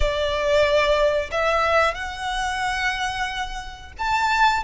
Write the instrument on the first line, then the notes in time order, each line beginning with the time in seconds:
violin
0.00 D5
1.31 E5
1.94 F#5
3.98 A5